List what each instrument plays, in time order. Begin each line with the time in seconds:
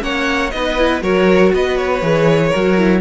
0.00 cello A#3, viola C#4, violin C#5 F#5
0.51 cello B3, viola D#4, violin B4 D#5
0.78 viola E4
1.02 cello F#3, viola F#4, violin A#4 C#5
1.53 cello B3, violin B4 D#5
1.77 violin C#5
2.02 cello E3, viola G#4
2.49 viola F#4, violin A#4
2.56 cello F#3
2.77 viola E4